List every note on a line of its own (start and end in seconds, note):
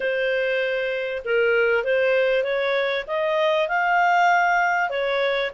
0.00 1.22 C5
1.24 1.84 A#4
1.84 2.43 C5
2.43 3.04 C#5
3.07 3.68 D#5
3.68 4.89 F5
4.89 5.50 C#5